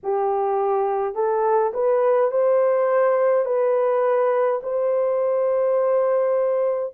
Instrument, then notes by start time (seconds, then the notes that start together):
horn
0.03 G4
1.14 A4
1.73 B4
2.31 C5
3.45 B4
4.62 C5